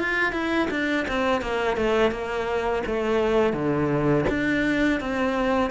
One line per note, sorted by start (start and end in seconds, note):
0.00 0.33 F4
0.33 0.69 E4
0.71 1.07 D4
1.09 1.42 C4
1.42 1.78 A#3
1.78 2.12 A3
2.12 2.83 A#3
2.87 3.54 A3
3.54 4.25 D3
4.30 5.01 D4
5.01 5.71 C4